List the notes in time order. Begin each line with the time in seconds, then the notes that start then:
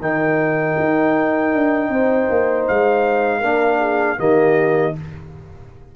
0.00 D#3 D#4 A#4 G5
0.79 D#4
1.53 D4
1.89 C4 C5
2.29 A#3
2.67 G#3 F5
3.40 A#3 D4 A#4
3.79 G#4
4.17 D#3 A#3 G4 D#5